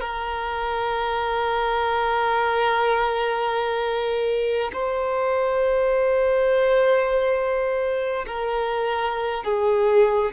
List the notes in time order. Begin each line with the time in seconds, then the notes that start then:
0.00 A#4
4.72 C5
8.26 A#4
9.43 G#4